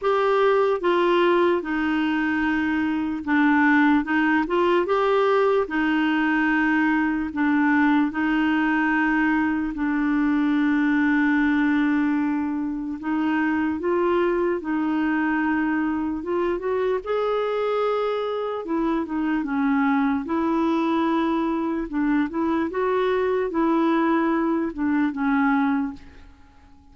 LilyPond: \new Staff \with { instrumentName = "clarinet" } { \time 4/4 \tempo 4 = 74 g'4 f'4 dis'2 | d'4 dis'8 f'8 g'4 dis'4~ | dis'4 d'4 dis'2 | d'1 |
dis'4 f'4 dis'2 | f'8 fis'8 gis'2 e'8 dis'8 | cis'4 e'2 d'8 e'8 | fis'4 e'4. d'8 cis'4 | }